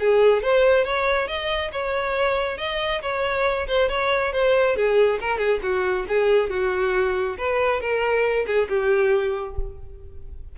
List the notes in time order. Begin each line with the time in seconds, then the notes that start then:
0.00 G#4
0.43 C5
0.84 C#5
1.28 D#5
1.72 C#5
2.58 D#5
3.02 C#5
3.68 C5
3.89 C#5
4.33 C5
4.76 G#4
5.21 A#4
5.38 G#4
5.62 F#4
6.08 G#4
6.50 F#4
7.38 B4
7.80 A#4
8.47 G#4
8.69 G4